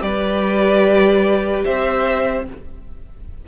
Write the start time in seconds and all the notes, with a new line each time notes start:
0.00 G3 G4 B4 D5
1.64 C4 C5 E5